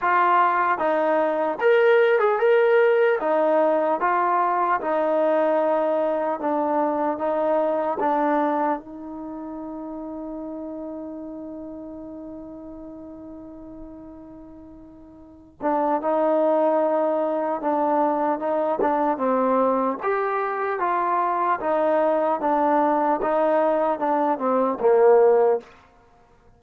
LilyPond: \new Staff \with { instrumentName = "trombone" } { \time 4/4 \tempo 4 = 75 f'4 dis'4 ais'8. gis'16 ais'4 | dis'4 f'4 dis'2 | d'4 dis'4 d'4 dis'4~ | dis'1~ |
dis'2.~ dis'8 d'8 | dis'2 d'4 dis'8 d'8 | c'4 g'4 f'4 dis'4 | d'4 dis'4 d'8 c'8 ais4 | }